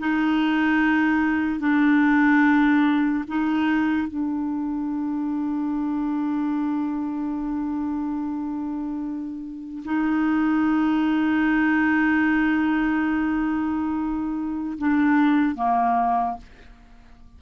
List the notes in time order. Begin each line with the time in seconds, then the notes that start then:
0.00 D#4
1.60 D4
3.28 D#4
4.08 D4
9.85 D#4
14.79 D4
15.56 A#3